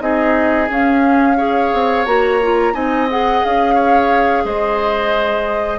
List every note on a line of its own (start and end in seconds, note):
0.00 0.69 C4
0.00 0.68 D#4
0.00 1.37 G#4
0.00 0.69 D#5
0.70 1.38 C#4
0.70 1.72 C#4
0.70 2.06 F5
1.37 2.06 G#4
1.37 2.74 C#5
1.74 2.07 C4
2.06 2.75 A#3
2.06 2.40 F#4
2.06 2.74 A#5
2.43 2.73 F4
2.73 3.43 C4
2.73 3.07 D#4
2.73 3.75 D#5
2.73 3.09 G#5
3.11 5.80 G#4
3.11 3.45 F#5
3.45 4.45 C#4
3.45 4.46 F5
3.75 4.43 C#5
4.45 5.80 G#3
4.45 5.80 C5
4.45 5.80 D#5